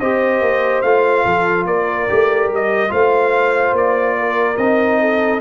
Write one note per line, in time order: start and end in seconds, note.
0.00 0.41 C4
0.00 0.85 G4
0.00 1.26 C5
0.00 0.82 D#5
0.41 0.83 A#3
0.82 1.25 A3
0.82 2.09 F4
0.82 1.65 F5
1.26 1.66 F3
1.26 1.67 A4
1.66 2.08 A#3
1.66 2.92 A#4
1.66 2.50 D5
2.09 2.50 A3
2.09 2.89 G4
2.50 2.91 G3
2.50 2.92 D#5
2.89 3.73 A3
2.89 4.56 F4
2.89 4.17 C5
2.89 3.76 F5
3.73 4.56 A#3
3.73 4.57 D5
4.18 5.01 A#4
4.57 5.41 C4
4.57 5.41 D#4
4.57 5.41 D#5
5.01 5.41 A4